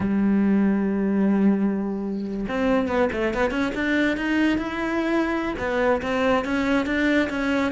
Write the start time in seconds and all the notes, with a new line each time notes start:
0.00 G3
2.48 C4
2.88 B3
3.12 A3
3.34 B3
3.50 C#4
3.75 D4
4.16 D#4
4.58 E4
5.58 B3
6.02 C4
6.44 C#4
6.86 D4
7.29 C#4